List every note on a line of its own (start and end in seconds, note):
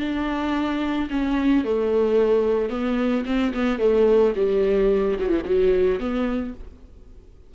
0.00 1.09 D4
1.10 1.65 C#4
1.65 2.70 A3
2.70 3.25 B3
3.26 3.53 C4
3.55 3.79 B3
3.79 4.34 A3
4.36 5.18 G3
5.20 5.29 F#3
5.29 5.42 E3
5.45 6.00 F#3
6.00 6.54 B3